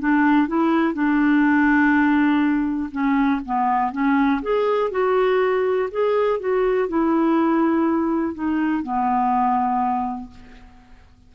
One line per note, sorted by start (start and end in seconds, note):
0.00 0.48 D4
0.48 0.94 E4
0.94 2.91 D4
2.92 3.41 C#4
3.46 3.92 B3
3.92 4.42 C#4
4.42 4.91 G#4
4.91 5.90 F#4
5.92 6.40 G#4
6.40 6.89 F#4
6.89 8.35 E4
8.35 8.83 D#4
8.83 10.31 B3